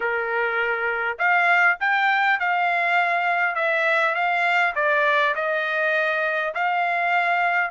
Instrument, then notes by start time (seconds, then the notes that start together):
trumpet
0.00 A#4
1.18 F5
1.80 G5
2.39 F5
3.55 E5
4.14 F5
4.75 D5
5.35 D#5
6.54 F5